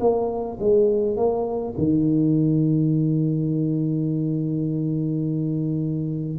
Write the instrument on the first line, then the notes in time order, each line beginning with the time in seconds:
tuba
0.00 A#3
0.60 G#3
1.16 A#3
1.78 D#3